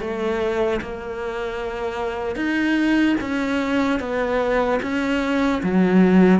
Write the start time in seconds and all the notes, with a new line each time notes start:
0.00 A3
0.81 A#3
2.36 D#4
3.20 C#4
4.00 B3
4.82 C#4
5.63 F#3